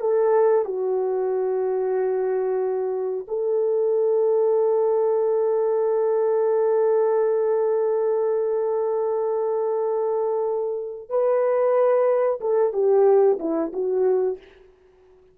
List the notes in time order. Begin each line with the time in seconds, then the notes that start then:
0.00 A4
0.65 F#4
3.28 A4
11.09 B4
12.40 A4
12.73 G4
13.39 E4
13.73 F#4